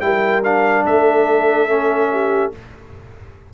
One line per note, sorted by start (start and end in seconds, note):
0.00 0.84 G3
0.00 0.43 E4
0.00 0.85 A#4
0.00 0.42 G5
0.44 1.68 D4
0.44 0.85 F5
0.85 2.52 A3
0.85 2.10 A4
0.85 2.52 E5
1.68 2.52 C#4
2.11 2.53 G4